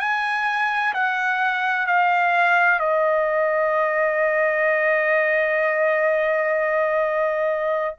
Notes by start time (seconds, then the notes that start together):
0.00 G#5
0.94 F#5
1.87 F5
2.80 D#5